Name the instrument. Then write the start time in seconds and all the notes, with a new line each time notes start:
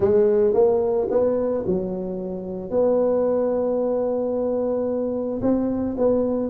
tuba
0.00 G#3
0.53 A#3
1.10 B3
1.65 F#3
2.70 B3
5.42 C4
5.97 B3